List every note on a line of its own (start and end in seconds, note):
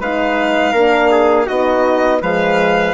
0.00 0.73 G#3
0.00 0.74 D#4
0.00 0.72 B4
0.00 1.48 F5
0.72 1.47 A#3
0.72 1.48 D4
0.72 1.09 A#4
1.11 1.46 G#4
1.46 2.22 B3
1.46 2.22 D#4
1.46 2.20 F#4
1.46 2.22 D#5
2.22 2.94 F3
2.22 2.94 G#3
2.22 2.94 B4
2.22 2.94 F5